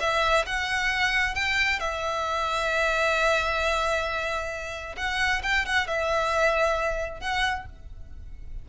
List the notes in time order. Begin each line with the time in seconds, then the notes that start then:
0.00 E5
0.46 F#5
1.35 G5
1.80 E5
4.97 F#5
5.43 G5
5.65 F#5
5.87 E5
7.20 F#5